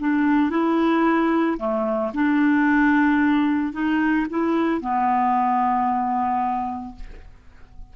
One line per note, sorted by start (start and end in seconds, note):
0.00 0.50 D4
0.50 1.57 E4
1.59 2.12 A3
2.15 3.73 D4
3.73 4.27 D#4
4.31 4.81 E4
4.81 6.95 B3